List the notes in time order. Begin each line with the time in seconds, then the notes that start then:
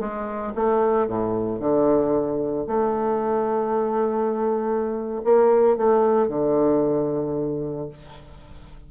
0.00 G#3
0.55 A3
1.07 A2
1.60 D3
2.67 A3
5.24 A#3
5.77 A3
6.28 D3